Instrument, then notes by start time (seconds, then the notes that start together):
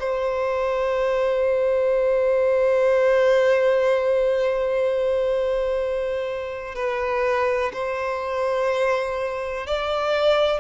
violin
0.00 C5
6.75 B4
7.73 C5
9.67 D5